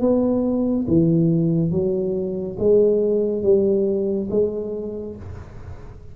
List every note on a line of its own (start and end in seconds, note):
0.00 0.86 B3
0.88 1.71 E3
1.71 2.57 F#3
2.58 3.43 G#3
3.43 4.29 G3
4.30 5.16 G#3